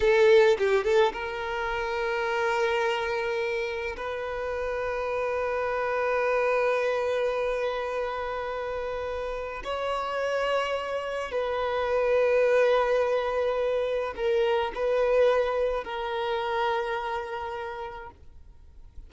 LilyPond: \new Staff \with { instrumentName = "violin" } { \time 4/4 \tempo 4 = 106 a'4 g'8 a'8 ais'2~ | ais'2. b'4~ | b'1~ | b'1~ |
b'4 cis''2. | b'1~ | b'4 ais'4 b'2 | ais'1 | }